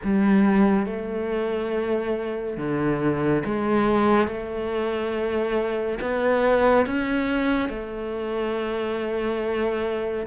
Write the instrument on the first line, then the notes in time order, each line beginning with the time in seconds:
cello
0.03 G3
0.86 A3
2.57 D3
3.45 G#3
4.27 A3
6.01 B3
6.86 C#4
7.69 A3